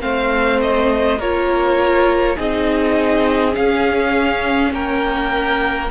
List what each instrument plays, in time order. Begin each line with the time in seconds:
0.00 cello A3, viola C4, violin C5 F5
0.61 violin D#5
1.18 cello A#3, viola F4, violin A#4 C#5
2.36 cello C4, viola D#4, violin G#4 D#5
3.51 viola C#4, cello C#4, violin F5
4.72 cello A#3, violin A#4 G5